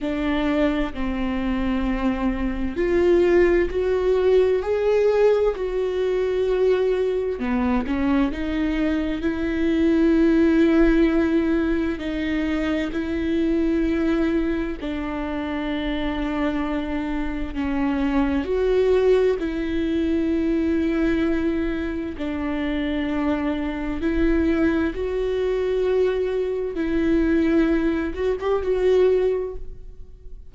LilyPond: \new Staff \with { instrumentName = "viola" } { \time 4/4 \tempo 4 = 65 d'4 c'2 f'4 | fis'4 gis'4 fis'2 | b8 cis'8 dis'4 e'2~ | e'4 dis'4 e'2 |
d'2. cis'4 | fis'4 e'2. | d'2 e'4 fis'4~ | fis'4 e'4. fis'16 g'16 fis'4 | }